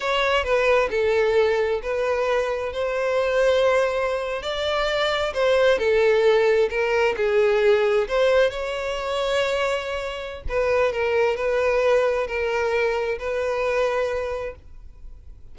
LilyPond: \new Staff \with { instrumentName = "violin" } { \time 4/4 \tempo 4 = 132 cis''4 b'4 a'2 | b'2 c''2~ | c''4.~ c''16 d''2 c''16~ | c''8. a'2 ais'4 gis'16~ |
gis'4.~ gis'16 c''4 cis''4~ cis''16~ | cis''2. b'4 | ais'4 b'2 ais'4~ | ais'4 b'2. | }